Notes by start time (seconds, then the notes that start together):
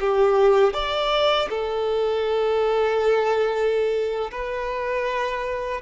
0.00 G4
0.74 D5
1.49 A4
4.31 B4